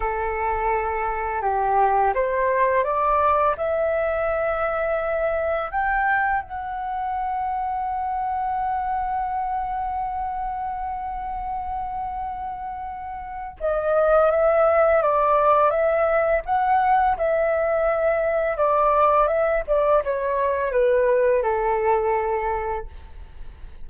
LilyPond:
\new Staff \with { instrumentName = "flute" } { \time 4/4 \tempo 4 = 84 a'2 g'4 c''4 | d''4 e''2. | g''4 fis''2.~ | fis''1~ |
fis''2. dis''4 | e''4 d''4 e''4 fis''4 | e''2 d''4 e''8 d''8 | cis''4 b'4 a'2 | }